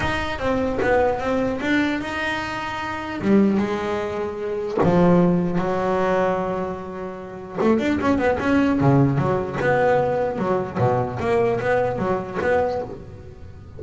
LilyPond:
\new Staff \with { instrumentName = "double bass" } { \time 4/4 \tempo 4 = 150 dis'4 c'4 b4 c'4 | d'4 dis'2. | g4 gis2. | f2 fis2~ |
fis2. a8 d'8 | cis'8 b8 cis'4 cis4 fis4 | b2 fis4 b,4 | ais4 b4 fis4 b4 | }